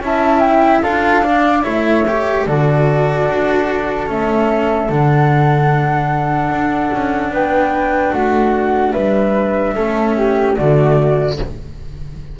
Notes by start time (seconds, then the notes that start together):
0.00 C#4 E4 E5 A5
0.40 G5
0.82 D4 F4 A4 F5
1.24 D4 D5
1.63 A3 E4 C#5 E5
2.08 G4
2.46 D3 F#4 A4 D5
3.28 D4
4.07 A3 C#4 E5
4.89 D3 D4 F#5
6.50 D4
6.93 C#4
7.30 B3 B4 G5
8.11 A3 F#4 F#5
8.92 G3 B4 E5
9.75 A3 C#4 A4
10.17 G4
10.56 D3 A3 F#4 D5